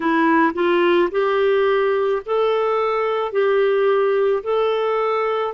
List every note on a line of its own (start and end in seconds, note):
0.00 0.53 E4
0.53 1.09 F4
1.11 2.22 G4
2.25 3.31 A4
3.31 4.42 G4
4.43 5.54 A4